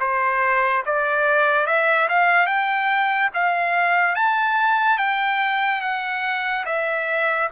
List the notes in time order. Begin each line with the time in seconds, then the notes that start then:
0.00 C5
0.86 D5
1.67 E5
2.09 F5
2.47 G5
3.34 F5
4.16 A5
4.98 G5
5.81 F#5
6.66 E5